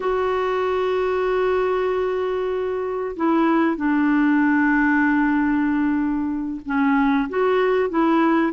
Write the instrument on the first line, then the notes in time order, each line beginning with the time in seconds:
clarinet
0.00 F#4
3.16 E4
3.76 D4
6.65 C#4
7.29 F#4
7.89 E4